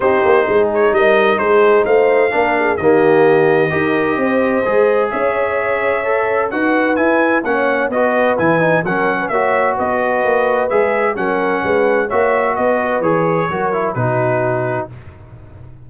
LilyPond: <<
  \new Staff \with { instrumentName = "trumpet" } { \time 4/4 \tempo 4 = 129 c''4. cis''8 dis''4 c''4 | f''2 dis''2~ | dis''2. e''4~ | e''2 fis''4 gis''4 |
fis''4 dis''4 gis''4 fis''4 | e''4 dis''2 e''4 | fis''2 e''4 dis''4 | cis''2 b'2 | }
  \new Staff \with { instrumentName = "horn" } { \time 4/4 g'4 gis'4 ais'4 gis'4 | c''4 ais'8 gis'8 g'2 | ais'4 c''2 cis''4~ | cis''2 b'2 |
cis''4 b'2 ais'8. b'16 | cis''4 b'2. | ais'4 b'4 cis''4 b'4~ | b'4 ais'4 fis'2 | }
  \new Staff \with { instrumentName = "trombone" } { \time 4/4 dis'1~ | dis'4 d'4 ais2 | g'2 gis'2~ | gis'4 a'4 fis'4 e'4 |
cis'4 fis'4 e'8 dis'8 cis'4 | fis'2. gis'4 | cis'2 fis'2 | gis'4 fis'8 e'8 dis'2 | }
  \new Staff \with { instrumentName = "tuba" } { \time 4/4 c'8 ais8 gis4 g4 gis4 | a4 ais4 dis2 | dis'4 c'4 gis4 cis'4~ | cis'2 dis'4 e'4 |
ais4 b4 e4 fis4 | ais4 b4 ais4 gis4 | fis4 gis4 ais4 b4 | e4 fis4 b,2 | }
>>